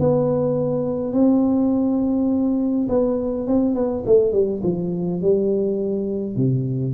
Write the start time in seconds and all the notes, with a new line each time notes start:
0.00 B3
1.13 C4
2.89 B3
3.48 C4
3.75 B3
4.06 A3
4.33 G3
4.64 F3
5.22 G3
6.37 C3